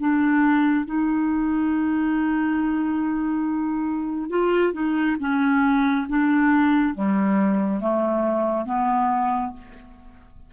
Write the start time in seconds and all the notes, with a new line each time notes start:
0.00 D4
0.86 D#4
4.30 F4
4.73 D#4
5.20 C#4
6.09 D4
6.95 G3
7.81 A3
8.66 B3